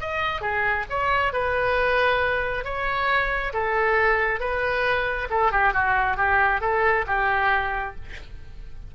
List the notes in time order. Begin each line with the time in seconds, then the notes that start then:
0.00 D#5
0.41 G#4
0.89 C#5
1.32 B4
2.64 C#5
3.53 A4
4.40 B4
5.30 A4
5.51 G4
5.73 F#4
6.16 G4
6.61 A4
7.06 G4